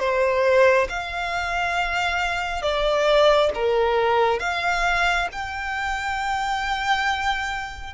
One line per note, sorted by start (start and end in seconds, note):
0.00 0.88 C5
0.90 2.62 F5
2.62 3.51 D5
3.55 4.40 A#4
4.40 5.28 F5
5.32 7.94 G5